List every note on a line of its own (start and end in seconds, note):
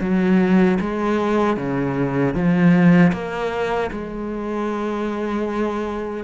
0.00 0.78 F#3
0.80 1.57 G#3
1.57 2.34 C#3
2.34 3.12 F3
3.12 3.90 A#3
3.91 6.23 G#3